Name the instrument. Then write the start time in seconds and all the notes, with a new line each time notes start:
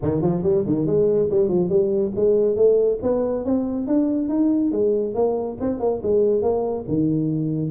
tuba
0.02 D#3
0.21 F3
0.42 G3
0.66 D#3
0.86 G#3
1.30 G3
1.48 F3
1.69 G3
2.15 G#3
2.56 A3
3.02 B3
3.44 C4
3.87 D4
4.28 D#4
4.71 G#3
5.14 A#3
5.60 C4
5.79 A#3
6.02 G#3
6.42 A#3
6.88 D#3